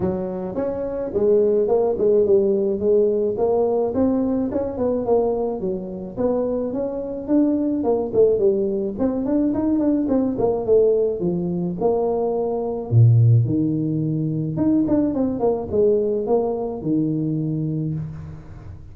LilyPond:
\new Staff \with { instrumentName = "tuba" } { \time 4/4 \tempo 4 = 107 fis4 cis'4 gis4 ais8 gis8 | g4 gis4 ais4 c'4 | cis'8 b8 ais4 fis4 b4 | cis'4 d'4 ais8 a8 g4 |
c'8 d'8 dis'8 d'8 c'8 ais8 a4 | f4 ais2 ais,4 | dis2 dis'8 d'8 c'8 ais8 | gis4 ais4 dis2 | }